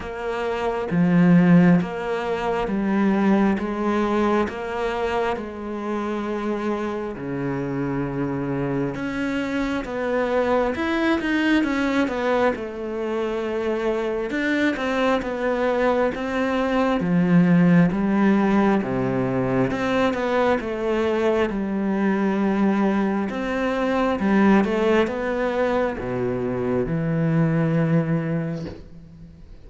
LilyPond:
\new Staff \with { instrumentName = "cello" } { \time 4/4 \tempo 4 = 67 ais4 f4 ais4 g4 | gis4 ais4 gis2 | cis2 cis'4 b4 | e'8 dis'8 cis'8 b8 a2 |
d'8 c'8 b4 c'4 f4 | g4 c4 c'8 b8 a4 | g2 c'4 g8 a8 | b4 b,4 e2 | }